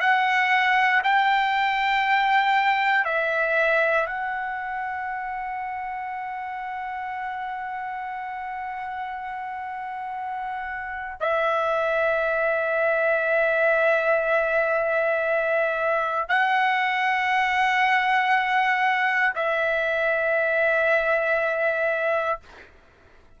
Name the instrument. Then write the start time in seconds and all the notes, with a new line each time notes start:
trumpet
0.00 F#5
1.03 G5
3.04 E5
4.06 F#5
11.20 E5
16.28 F#5
19.35 E5